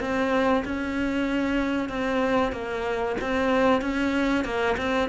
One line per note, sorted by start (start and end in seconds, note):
0.00 0.64 C4
0.65 1.89 C#4
1.89 2.52 C4
2.52 3.16 A#3
3.21 3.81 C4
3.81 4.44 C#4
4.44 4.76 A#3
4.78 5.09 C4